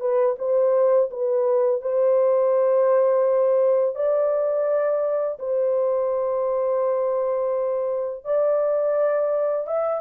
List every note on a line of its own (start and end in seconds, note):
0.00 0.36 B4
0.39 1.10 C5
1.11 1.81 B4
1.81 3.96 C5
3.96 5.39 D5
5.39 8.24 C5
8.24 9.67 D5
9.67 10.01 E5